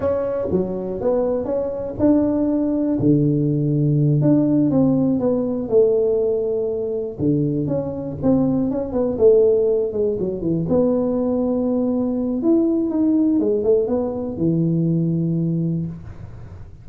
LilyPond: \new Staff \with { instrumentName = "tuba" } { \time 4/4 \tempo 4 = 121 cis'4 fis4 b4 cis'4 | d'2 d2~ | d8 d'4 c'4 b4 a8~ | a2~ a8 d4 cis'8~ |
cis'8 c'4 cis'8 b8 a4. | gis8 fis8 e8 b2~ b8~ | b4 e'4 dis'4 gis8 a8 | b4 e2. | }